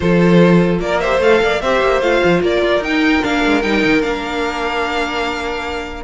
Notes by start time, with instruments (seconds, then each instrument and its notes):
0.00 cello F3, viola F4, violin A4 C5
0.79 cello A#3, violin A#4 D5
1.00 viola G4, violin C5 E5
1.19 cello A3, viola A4, violin F5
1.41 cello A#3, violin D5
1.61 cello C4, viola G4, violin C5 E5
1.81 cello A#3
2.01 cello A3, viola F4, violin F5
2.24 cello F3
2.41 cello A#3, violin A#4 D5
2.62 cello F4
2.79 cello D#4, viola D#4, violin G5
3.22 cello A#3, viola D4, violin F5
3.45 cello G#3
3.61 cello G3, viola D#4, violin G5
3.84 cello D#3
4.01 cello A#3, viola D4, violin F5